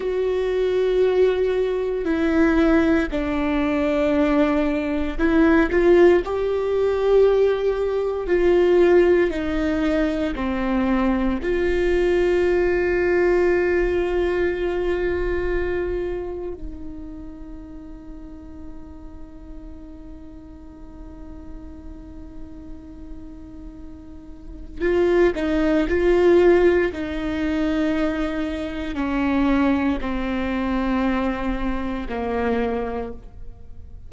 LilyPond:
\new Staff \with { instrumentName = "viola" } { \time 4/4 \tempo 4 = 58 fis'2 e'4 d'4~ | d'4 e'8 f'8 g'2 | f'4 dis'4 c'4 f'4~ | f'1 |
dis'1~ | dis'1 | f'8 dis'8 f'4 dis'2 | cis'4 c'2 ais4 | }